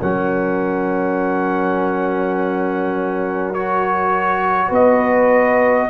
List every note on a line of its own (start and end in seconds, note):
0.00 4.70 F#3
0.00 3.54 C#4
0.00 4.68 A#4
0.00 3.53 F#5
3.53 5.90 F#4
3.53 4.71 C#5
4.68 5.88 B3
4.68 5.85 B4
4.74 5.90 D#5